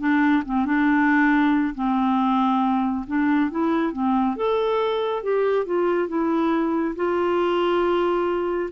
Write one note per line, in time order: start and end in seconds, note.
0.00 0.43 D4
0.46 0.66 C4
0.66 1.75 D4
1.75 3.06 C4
3.08 3.51 D4
3.51 3.93 E4
3.93 4.36 C4
4.36 5.23 A4
5.23 5.66 G4
5.66 6.09 F4
6.09 6.96 E4
6.96 8.70 F4